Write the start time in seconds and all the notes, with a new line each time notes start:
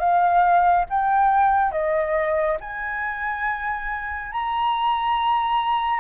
0.00 F5
0.90 G5
1.72 D#5
2.61 G#5
4.32 A#5